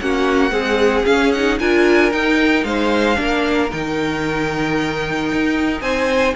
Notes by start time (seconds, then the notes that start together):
0.00 A#3 C#4 F#4 F#5
0.49 G#3 C4 G#4
1.05 C#4 F5
1.31 D#4 F#5
1.59 D4 F4 A#4 G#5
2.11 D#4 G5
2.63 G#3 C5 F5
3.15 A#3 D4 A#4
3.70 D#3 D#4 G5
5.32 D#4
5.81 C4 C5 G#5